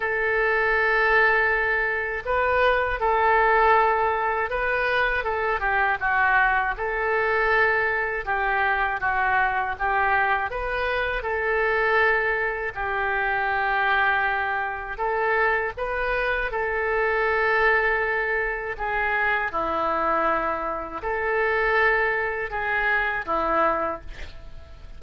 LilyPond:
\new Staff \with { instrumentName = "oboe" } { \time 4/4 \tempo 4 = 80 a'2. b'4 | a'2 b'4 a'8 g'8 | fis'4 a'2 g'4 | fis'4 g'4 b'4 a'4~ |
a'4 g'2. | a'4 b'4 a'2~ | a'4 gis'4 e'2 | a'2 gis'4 e'4 | }